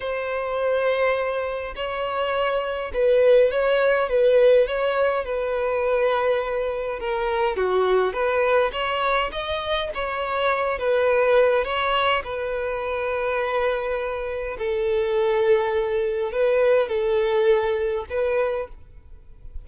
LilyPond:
\new Staff \with { instrumentName = "violin" } { \time 4/4 \tempo 4 = 103 c''2. cis''4~ | cis''4 b'4 cis''4 b'4 | cis''4 b'2. | ais'4 fis'4 b'4 cis''4 |
dis''4 cis''4. b'4. | cis''4 b'2.~ | b'4 a'2. | b'4 a'2 b'4 | }